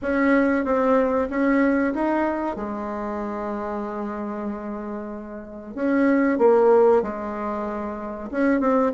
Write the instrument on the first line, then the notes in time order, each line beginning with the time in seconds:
bassoon
0.02 C#4
0.64 C4
1.29 C#4
1.94 D#4
2.56 G#3
5.74 C#4
6.38 A#3
7.02 G#3
8.31 C#4
8.60 C4